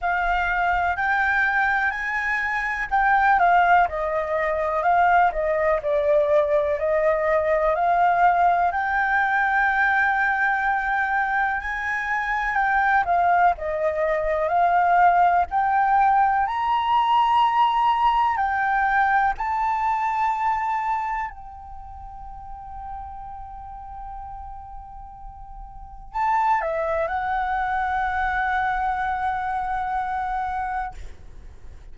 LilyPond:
\new Staff \with { instrumentName = "flute" } { \time 4/4 \tempo 4 = 62 f''4 g''4 gis''4 g''8 f''8 | dis''4 f''8 dis''8 d''4 dis''4 | f''4 g''2. | gis''4 g''8 f''8 dis''4 f''4 |
g''4 ais''2 g''4 | a''2 g''2~ | g''2. a''8 e''8 | fis''1 | }